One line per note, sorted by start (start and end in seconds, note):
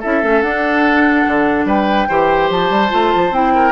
0.00 0.23 C#4
0.00 0.22 E4
0.00 1.66 A4
0.00 0.42 E5
0.22 0.43 A3
0.22 0.43 C#4
0.42 1.26 D4
0.42 2.09 D4
0.42 1.66 F#5
1.27 1.65 D3
1.65 2.06 G3
1.65 2.08 B4
1.65 2.51 G5
2.09 2.50 E3
2.09 2.89 G4
2.09 3.53 C5
2.50 2.70 F3
2.50 3.34 A5
2.70 2.91 G3
2.89 3.14 A3
2.89 3.31 F4
3.15 3.31 F3
3.31 3.72 C4
3.31 3.72 E4
3.31 3.72 G5
3.55 3.72 A#4